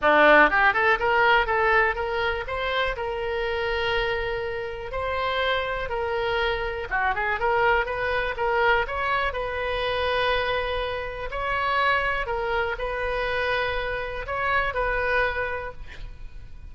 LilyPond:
\new Staff \with { instrumentName = "oboe" } { \time 4/4 \tempo 4 = 122 d'4 g'8 a'8 ais'4 a'4 | ais'4 c''4 ais'2~ | ais'2 c''2 | ais'2 fis'8 gis'8 ais'4 |
b'4 ais'4 cis''4 b'4~ | b'2. cis''4~ | cis''4 ais'4 b'2~ | b'4 cis''4 b'2 | }